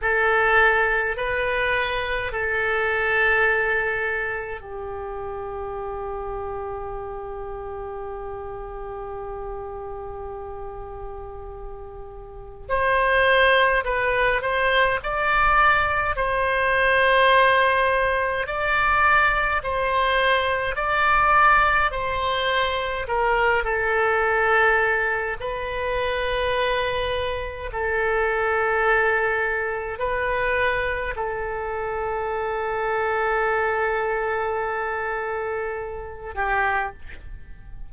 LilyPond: \new Staff \with { instrumentName = "oboe" } { \time 4/4 \tempo 4 = 52 a'4 b'4 a'2 | g'1~ | g'2. c''4 | b'8 c''8 d''4 c''2 |
d''4 c''4 d''4 c''4 | ais'8 a'4. b'2 | a'2 b'4 a'4~ | a'2.~ a'8 g'8 | }